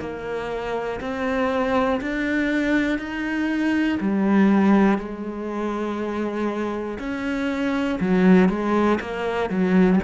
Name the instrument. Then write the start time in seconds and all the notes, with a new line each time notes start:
cello
0.00 A#3
1.01 C4
2.01 D4
2.99 D#4
4.00 G3
4.98 G#3
6.99 C#4
8.00 F#3
8.50 G#3
9.01 A#3
9.50 F#3